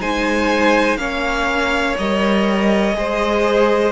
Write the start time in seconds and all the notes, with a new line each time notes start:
0.00 G#3 D#4 C5 G#5
0.96 A#3 C#4 C#5 F5
1.98 G3 A#4 D#5
2.94 G#3 G#4 C5